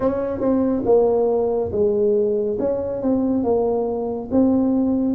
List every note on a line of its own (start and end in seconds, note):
0.00 0.39 C#4
0.39 0.82 C4
0.85 1.71 A#3
1.71 2.57 G#3
2.59 3.02 C#4
3.02 3.43 C4
3.43 4.29 A#3
4.31 5.14 C4